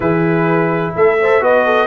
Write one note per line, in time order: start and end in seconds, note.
0.00 0.93 E3
0.00 1.18 E4
0.00 0.96 G#4
0.00 0.94 B4
0.95 1.40 A3
0.95 1.20 A4
0.95 1.43 E5
1.20 1.40 A4
1.20 1.43 C5
1.40 1.87 B3
1.40 1.87 F#4
1.40 1.65 B4
1.40 1.87 D#5
1.65 1.87 A4